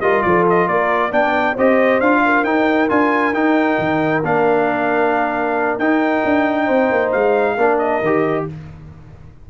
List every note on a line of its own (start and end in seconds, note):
0.00 0.22 G3
0.00 1.11 F4
0.00 0.24 A#4
0.00 0.22 D#5
0.22 0.67 F3
0.22 0.68 A4
0.22 0.44 D5
0.49 0.67 D#5
0.67 1.11 A#3
0.67 1.10 A#4
0.67 1.12 D5
1.10 1.55 B3
1.10 1.56 D4
1.10 1.53 D5
1.10 1.56 G5
1.53 2.00 C4
1.53 2.02 G4
1.53 2.20 C5
1.53 2.00 D#5
2.00 2.43 D4
2.00 2.45 F4
2.00 2.44 F5
2.25 6.65 A#4
2.43 2.88 D#4
2.43 2.89 D#4
2.43 2.88 G5
2.89 3.32 D4
2.89 3.33 F4
2.89 3.33 G#5
3.32 3.77 D#4
3.32 4.23 D#4
3.32 4.22 G5
3.78 4.23 D#3
4.23 5.78 A#3
4.23 5.79 D4
4.23 5.78 F5
5.78 6.23 D#4
5.78 7.57 D#4
5.78 7.11 G5
6.24 6.68 D4
6.65 6.90 C4
6.65 7.54 C5
6.90 7.13 A#3
7.11 7.57 G#3
7.11 7.78 F5
7.56 8.01 A#3
7.56 8.02 D4
7.56 8.45 A#4
7.78 8.45 D#5
8.01 8.46 D#3
8.01 8.49 G4